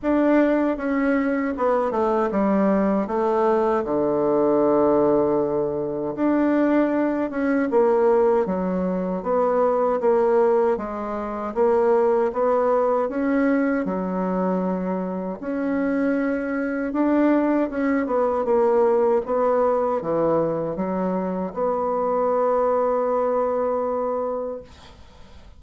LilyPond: \new Staff \with { instrumentName = "bassoon" } { \time 4/4 \tempo 4 = 78 d'4 cis'4 b8 a8 g4 | a4 d2. | d'4. cis'8 ais4 fis4 | b4 ais4 gis4 ais4 |
b4 cis'4 fis2 | cis'2 d'4 cis'8 b8 | ais4 b4 e4 fis4 | b1 | }